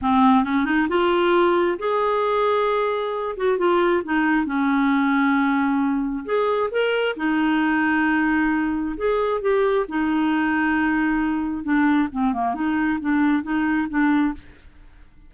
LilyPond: \new Staff \with { instrumentName = "clarinet" } { \time 4/4 \tempo 4 = 134 c'4 cis'8 dis'8 f'2 | gis'2.~ gis'8 fis'8 | f'4 dis'4 cis'2~ | cis'2 gis'4 ais'4 |
dis'1 | gis'4 g'4 dis'2~ | dis'2 d'4 c'8 ais8 | dis'4 d'4 dis'4 d'4 | }